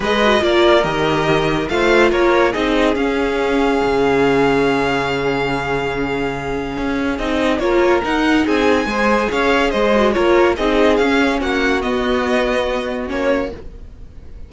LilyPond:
<<
  \new Staff \with { instrumentName = "violin" } { \time 4/4 \tempo 4 = 142 dis''4 d''4 dis''2 | f''4 cis''4 dis''4 f''4~ | f''1~ | f''1~ |
f''4 dis''4 cis''4 fis''4 | gis''2 f''4 dis''4 | cis''4 dis''4 f''4 fis''4 | dis''2. cis''4 | }
  \new Staff \with { instrumentName = "violin" } { \time 4/4 b'4 ais'2. | c''4 ais'4 gis'2~ | gis'1~ | gis'1~ |
gis'2 ais'2 | gis'4 c''4 cis''4 c''4 | ais'4 gis'2 fis'4~ | fis'1 | }
  \new Staff \with { instrumentName = "viola" } { \time 4/4 gis'8 fis'8 f'4 g'2 | f'2 dis'4 cis'4~ | cis'1~ | cis'1~ |
cis'4 dis'4 f'4 dis'4~ | dis'4 gis'2~ gis'8 fis'8 | f'4 dis'4 cis'2 | b2. cis'4 | }
  \new Staff \with { instrumentName = "cello" } { \time 4/4 gis4 ais4 dis2 | a4 ais4 c'4 cis'4~ | cis'4 cis2.~ | cis1 |
cis'4 c'4 ais4 dis'4 | c'4 gis4 cis'4 gis4 | ais4 c'4 cis'4 ais4 | b2. ais4 | }
>>